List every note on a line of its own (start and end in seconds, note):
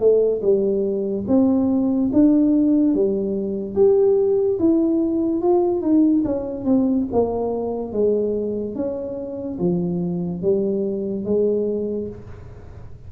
0.00 0.42 A3
0.42 1.25 G3
1.28 2.11 C4
2.13 2.95 D4
2.95 3.76 G3
3.76 4.59 G4
4.59 5.42 E4
5.42 5.81 F4
5.81 6.23 D#4
6.25 6.65 C#4
6.65 7.07 C4
7.13 7.93 A#3
7.93 8.75 G#3
8.75 9.59 C#4
9.59 10.42 F3
10.42 11.25 G3
11.25 12.09 G#3